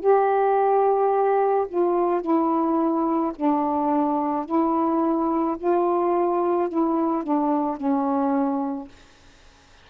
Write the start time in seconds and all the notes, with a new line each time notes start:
0.00 G4
1.68 F4
2.21 E4
3.35 D4
4.45 E4
5.58 F4
6.69 E4
7.23 D4
7.77 C#4